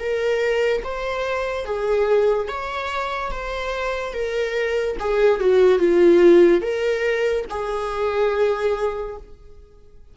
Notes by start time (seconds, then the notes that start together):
0.00 A#4
0.84 C5
1.66 G#4
2.48 C#5
3.32 C5
4.14 A#4
5.00 G#4
5.41 F#4
5.80 F4
6.62 A#4
7.50 G#4